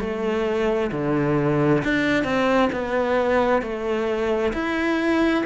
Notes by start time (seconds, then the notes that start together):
0.00 A3
0.92 D3
1.84 D4
2.24 C4
2.73 B3
3.62 A3
4.53 E4